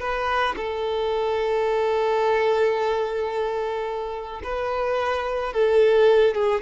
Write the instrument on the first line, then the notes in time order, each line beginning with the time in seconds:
violin
0.00 B4
0.56 A4
4.44 B4
5.53 A4
6.35 G#4